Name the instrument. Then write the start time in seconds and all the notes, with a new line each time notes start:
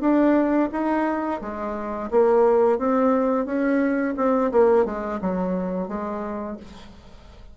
bassoon
0.00 D4
0.72 D#4
1.41 G#3
2.11 A#3
2.78 C4
3.45 C#4
4.16 C4
4.51 A#3
4.85 G#3
5.21 F#3
5.88 G#3